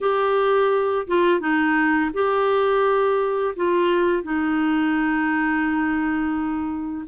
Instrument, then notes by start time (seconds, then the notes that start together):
clarinet
0.01 G4
1.07 F4
1.40 D#4
2.13 G4
3.56 F4
4.23 D#4